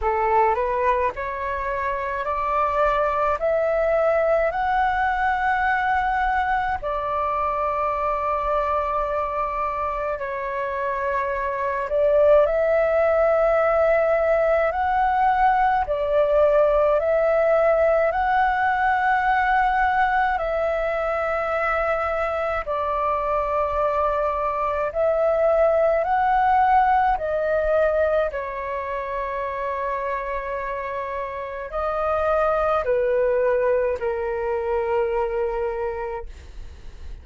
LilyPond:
\new Staff \with { instrumentName = "flute" } { \time 4/4 \tempo 4 = 53 a'8 b'8 cis''4 d''4 e''4 | fis''2 d''2~ | d''4 cis''4. d''8 e''4~ | e''4 fis''4 d''4 e''4 |
fis''2 e''2 | d''2 e''4 fis''4 | dis''4 cis''2. | dis''4 b'4 ais'2 | }